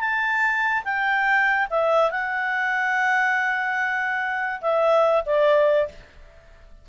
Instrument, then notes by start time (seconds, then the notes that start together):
clarinet
0.00 A5
0.85 G5
1.70 E5
2.11 F#5
4.61 E5
5.26 D5